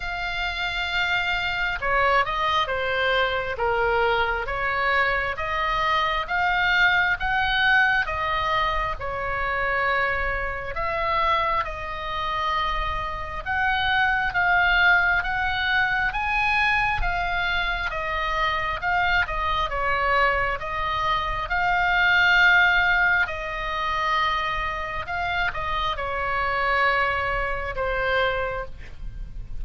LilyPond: \new Staff \with { instrumentName = "oboe" } { \time 4/4 \tempo 4 = 67 f''2 cis''8 dis''8 c''4 | ais'4 cis''4 dis''4 f''4 | fis''4 dis''4 cis''2 | e''4 dis''2 fis''4 |
f''4 fis''4 gis''4 f''4 | dis''4 f''8 dis''8 cis''4 dis''4 | f''2 dis''2 | f''8 dis''8 cis''2 c''4 | }